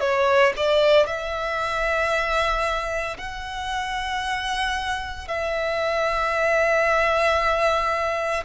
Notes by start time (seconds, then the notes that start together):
0.00 C#5
0.56 D5
1.07 E5
3.18 F#5
5.28 E5